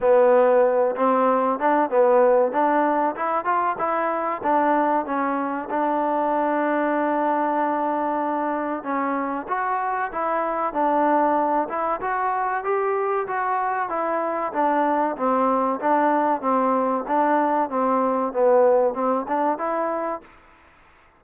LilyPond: \new Staff \with { instrumentName = "trombone" } { \time 4/4 \tempo 4 = 95 b4. c'4 d'8 b4 | d'4 e'8 f'8 e'4 d'4 | cis'4 d'2.~ | d'2 cis'4 fis'4 |
e'4 d'4. e'8 fis'4 | g'4 fis'4 e'4 d'4 | c'4 d'4 c'4 d'4 | c'4 b4 c'8 d'8 e'4 | }